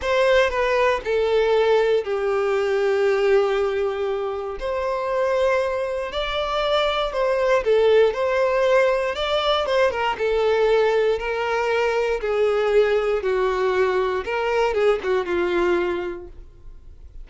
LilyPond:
\new Staff \with { instrumentName = "violin" } { \time 4/4 \tempo 4 = 118 c''4 b'4 a'2 | g'1~ | g'4 c''2. | d''2 c''4 a'4 |
c''2 d''4 c''8 ais'8 | a'2 ais'2 | gis'2 fis'2 | ais'4 gis'8 fis'8 f'2 | }